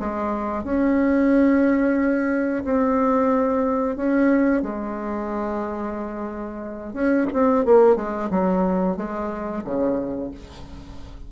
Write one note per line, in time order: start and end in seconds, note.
0.00 0.64 G#3
0.64 2.64 C#4
2.65 3.96 C4
3.96 4.63 C#4
4.63 6.94 G#3
6.94 7.27 C#4
7.33 7.65 C4
7.65 7.96 A#3
7.96 8.30 G#3
8.31 8.97 F#3
8.97 9.64 G#3
9.65 10.31 C#3